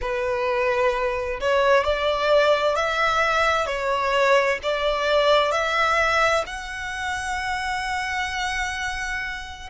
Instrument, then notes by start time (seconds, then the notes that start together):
violin
0.01 B4
1.40 C#5
1.83 D5
2.75 E5
3.66 C#5
4.62 D5
5.51 E5
6.46 F#5